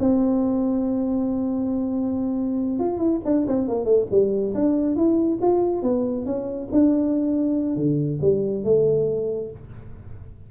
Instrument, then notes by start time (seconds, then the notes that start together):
tuba
0.00 C4
2.79 F4
2.98 E4
3.25 D4
3.47 C4
3.68 A#3
3.85 A3
4.11 G3
4.55 D4
4.96 E4
5.42 F4
5.83 B3
6.26 C#4
6.72 D4
7.76 D3
8.21 G3
8.64 A3